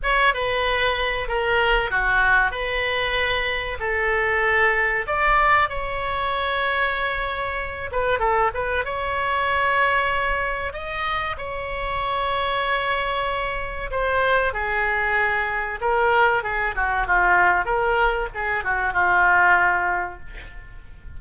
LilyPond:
\new Staff \with { instrumentName = "oboe" } { \time 4/4 \tempo 4 = 95 cis''8 b'4. ais'4 fis'4 | b'2 a'2 | d''4 cis''2.~ | cis''8 b'8 a'8 b'8 cis''2~ |
cis''4 dis''4 cis''2~ | cis''2 c''4 gis'4~ | gis'4 ais'4 gis'8 fis'8 f'4 | ais'4 gis'8 fis'8 f'2 | }